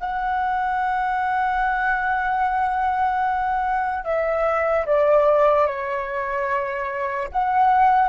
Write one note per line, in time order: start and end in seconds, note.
0.00 4.05 F#5
4.05 4.86 E5
4.86 5.66 D5
5.66 7.28 C#5
7.32 8.09 F#5